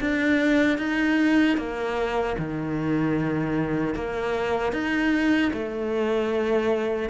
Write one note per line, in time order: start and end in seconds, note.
0.00 0.78 D4
0.78 1.57 D#4
1.57 2.36 A#3
2.38 3.94 D#3
3.94 4.73 A#3
4.73 5.52 D#4
5.53 7.09 A3